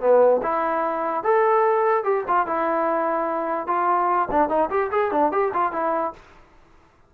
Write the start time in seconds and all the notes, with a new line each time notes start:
0.00 B3
0.42 E4
1.23 A4
2.04 G4
2.28 F4
2.46 E4
3.67 F4
4.31 D4
4.49 D#4
4.70 G4
4.91 G#4
5.11 D4
5.32 G4
5.53 F4
5.72 E4